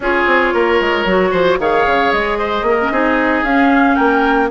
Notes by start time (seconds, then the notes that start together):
0.00 C#4 F4 G#4 C#5
0.26 C4
0.54 A#3 A#4
0.80 G#3
1.05 F#3 F#4
1.31 F3 C5
1.59 D#3 G#4 C#5 F5
1.86 C#3
2.12 G#3 D#5
2.38 C5
2.62 A#3
2.69 A#4
2.80 C#4
2.91 C4 D#4 G#4
3.43 C#4 F5
3.95 A#3 A#4 G5